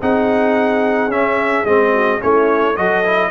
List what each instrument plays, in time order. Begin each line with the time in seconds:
0.00 tuba C4, trombone D#4, horn G#4, trumpet F#5
1.08 tuba C#4, trombone C#4, trumpet E5
1.65 tuba G#3, trombone C4, trumpet D#5
1.92 horn F#4
2.20 tuba A3, trombone C#4, horn E4, trumpet C#5
2.76 tuba F#3, trombone F#4, horn A4, trumpet D#5
3.04 trombone E4